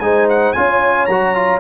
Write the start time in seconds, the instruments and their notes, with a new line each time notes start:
0.00 tuba G#3, trombone D#4, horn C5, trumpet G#5
0.30 trumpet F#5
0.53 tuba C#4, trombone F4, horn C#5, trumpet G#5
1.06 tuba F#3, trombone F#4, trumpet A#5
1.35 trombone F4